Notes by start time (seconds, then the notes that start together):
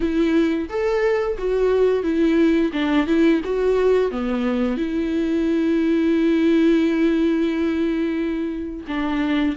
0.00 E4
0.68 A4
1.38 F#4
2.03 E4
2.73 D4
3.07 E4
3.44 F#4
4.11 B3
4.77 E4
8.87 D4